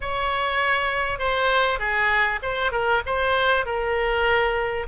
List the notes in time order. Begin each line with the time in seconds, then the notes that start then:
0.01 C#5
1.18 C5
1.79 G#4
2.42 C5
2.71 A#4
3.06 C5
3.65 A#4